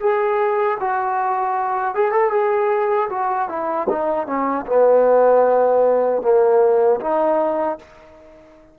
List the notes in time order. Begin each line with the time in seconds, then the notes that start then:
0.00 G#4
0.80 F#4
1.95 G#4
2.12 A4
2.31 G#4
3.10 F#4
3.49 E4
3.90 D#4
4.27 C#4
4.66 B3
6.22 A#3
7.01 D#4